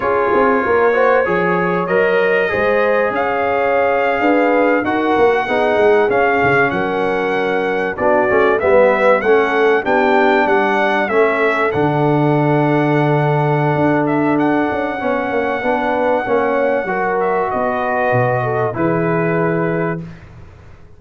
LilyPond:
<<
  \new Staff \with { instrumentName = "trumpet" } { \time 4/4 \tempo 4 = 96 cis''2. dis''4~ | dis''4 f''2~ f''8. fis''16~ | fis''4.~ fis''16 f''4 fis''4~ fis''16~ | fis''8. d''4 e''4 fis''4 g''16~ |
g''8. fis''4 e''4 fis''4~ fis''16~ | fis''2~ fis''8 e''8 fis''4~ | fis''2.~ fis''8 e''8 | dis''2 b'2 | }
  \new Staff \with { instrumentName = "horn" } { \time 4/4 gis'4 ais'8 c''8 cis''2 | c''4 cis''4.~ cis''16 b'4 ais'16~ | ais'8. gis'2 ais'4~ ais'16~ | ais'8. fis'4 b'4 a'4 g'16~ |
g'8. d''4 a'2~ a'16~ | a'1 | cis''4 b'4 cis''4 ais'4 | b'4. a'8 gis'2 | }
  \new Staff \with { instrumentName = "trombone" } { \time 4/4 f'4. fis'8 gis'4 ais'4 | gis'2.~ gis'8. fis'16~ | fis'8. dis'4 cis'2~ cis'16~ | cis'8. d'8 cis'8 b4 cis'4 d'16~ |
d'4.~ d'16 cis'4 d'4~ d'16~ | d'1 | cis'4 d'4 cis'4 fis'4~ | fis'2 e'2 | }
  \new Staff \with { instrumentName = "tuba" } { \time 4/4 cis'8 c'8 ais4 f4 fis4 | gis4 cis'4.~ cis'16 d'4 dis'16~ | dis'16 ais8 b8 gis8 cis'8 cis8 fis4~ fis16~ | fis8. b8 a8 g4 a4 b16~ |
b8. g4 a4 d4~ d16~ | d2 d'4. cis'8 | b8 ais8 b4 ais4 fis4 | b4 b,4 e2 | }
>>